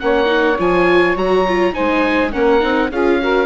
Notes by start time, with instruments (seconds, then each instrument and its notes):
0.00 bassoon A#3, viola C#4, saxophone C#5, oboe F#5
0.26 viola D#4
0.59 bassoon F3, viola F4, oboe G#5
1.16 bassoon F#3, viola F#4, oboe A#5
1.48 viola F4
1.73 bassoon G#3, viola D#4, saxophone C5, oboe G#5
2.32 bassoon A#3, viola C#4, saxophone A#4, oboe F#5
2.60 bassoon C4, viola D#4
2.91 bassoon C#4, viola F4, saxophone G#4, oboe F5
3.22 viola F#4, saxophone A#4